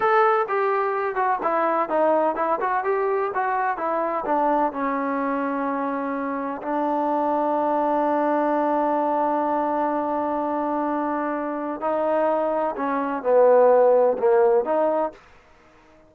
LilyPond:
\new Staff \with { instrumentName = "trombone" } { \time 4/4 \tempo 4 = 127 a'4 g'4. fis'8 e'4 | dis'4 e'8 fis'8 g'4 fis'4 | e'4 d'4 cis'2~ | cis'2 d'2~ |
d'1~ | d'1~ | d'4 dis'2 cis'4 | b2 ais4 dis'4 | }